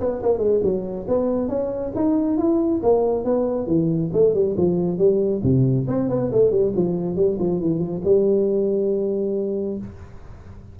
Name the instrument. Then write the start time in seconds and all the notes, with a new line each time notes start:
tuba
0.00 B3
0.22 A#3
0.38 G#3
0.63 F#3
1.08 B3
1.48 C#4
1.95 D#4
2.38 E4
2.83 A#3
3.24 B3
3.67 E3
4.13 A3
4.34 G3
4.57 F3
4.98 G3
5.43 C3
5.88 C4
6.09 B3
6.32 A3
6.51 G3
6.76 F3
7.16 G3
7.39 F3
7.60 E3
7.79 F3
8.04 G3